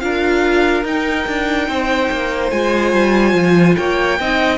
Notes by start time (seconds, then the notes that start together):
0.00 D4 F4 A#4 F5
0.84 D#4 G5
1.27 D4
1.68 C4 C5
2.11 A#3
2.51 G#3 F4 G#5
2.93 G3
3.34 F3
3.77 A#3 C#5 G5
4.19 C4 D#4 D#5